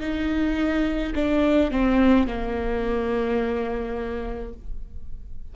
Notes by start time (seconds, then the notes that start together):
0.00 D#4
1.15 D4
1.71 C4
2.27 A#3